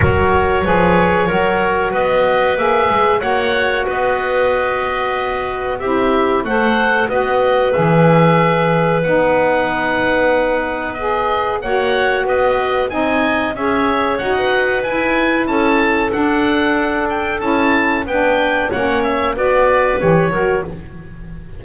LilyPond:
<<
  \new Staff \with { instrumentName = "oboe" } { \time 4/4 \tempo 4 = 93 cis''2. dis''4 | e''4 fis''4 dis''2~ | dis''4 e''4 fis''4 dis''4 | e''2 fis''2~ |
fis''4 dis''4 fis''4 dis''4 | gis''4 e''4 fis''4 gis''4 | a''4 fis''4. g''8 a''4 | g''4 fis''8 e''8 d''4 cis''4 | }
  \new Staff \with { instrumentName = "clarinet" } { \time 4/4 ais'4 b'4 ais'4 b'4~ | b'4 cis''4 b'2~ | b'4 g'4 c''4 b'4~ | b'1~ |
b'2 cis''4 b'4 | dis''4 cis''4~ cis''16 b'4.~ b'16 | a'1 | b'4 cis''4 b'4. ais'8 | }
  \new Staff \with { instrumentName = "saxophone" } { \time 4/4 fis'4 gis'4 fis'2 | gis'4 fis'2.~ | fis'4 e'4 a'4 fis'4 | gis'2 dis'2~ |
dis'4 gis'4 fis'2 | dis'4 gis'4 fis'4 e'4~ | e'4 d'2 e'4 | d'4 cis'4 fis'4 g'8 fis'8 | }
  \new Staff \with { instrumentName = "double bass" } { \time 4/4 fis4 f4 fis4 b4 | ais8 gis8 ais4 b2~ | b4 c'4 a4 b4 | e2 b2~ |
b2 ais4 b4 | c'4 cis'4 dis'4 e'4 | cis'4 d'2 cis'4 | b4 ais4 b4 e8 fis8 | }
>>